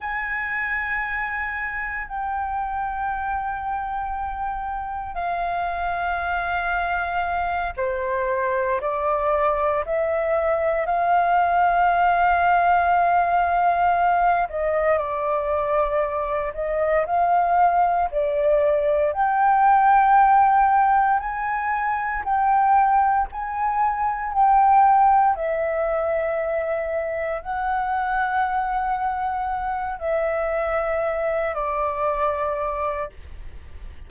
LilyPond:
\new Staff \with { instrumentName = "flute" } { \time 4/4 \tempo 4 = 58 gis''2 g''2~ | g''4 f''2~ f''8 c''8~ | c''8 d''4 e''4 f''4.~ | f''2 dis''8 d''4. |
dis''8 f''4 d''4 g''4.~ | g''8 gis''4 g''4 gis''4 g''8~ | g''8 e''2 fis''4.~ | fis''4 e''4. d''4. | }